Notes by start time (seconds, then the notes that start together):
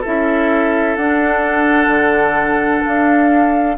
0.00 C#4 E4 A4 E5
0.96 D4 F#5
1.87 D3
2.84 D4 F5